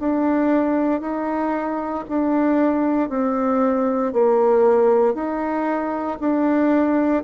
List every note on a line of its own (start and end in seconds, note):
0.00 1.01 D4
1.01 2.05 D#4
2.09 3.09 D4
3.09 4.13 C4
4.13 5.14 A#3
5.14 6.18 D#4
6.20 7.24 D4